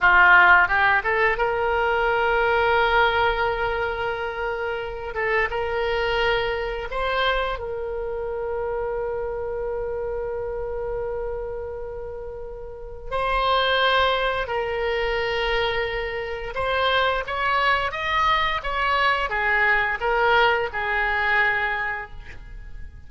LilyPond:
\new Staff \with { instrumentName = "oboe" } { \time 4/4 \tempo 4 = 87 f'4 g'8 a'8 ais'2~ | ais'2.~ ais'8 a'8 | ais'2 c''4 ais'4~ | ais'1~ |
ais'2. c''4~ | c''4 ais'2. | c''4 cis''4 dis''4 cis''4 | gis'4 ais'4 gis'2 | }